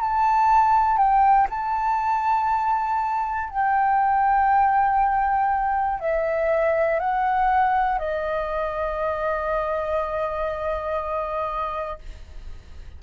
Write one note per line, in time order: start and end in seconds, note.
0.00 0.97 A5
0.97 1.47 G5
1.49 3.49 A5
3.49 5.99 G5
5.99 6.99 E5
6.99 7.98 F#5
7.98 11.98 D#5